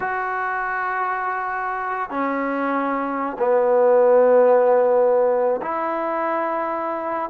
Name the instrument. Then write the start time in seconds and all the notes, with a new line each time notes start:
trombone
0.00 F#4
2.10 C#4
3.39 B3
5.62 E4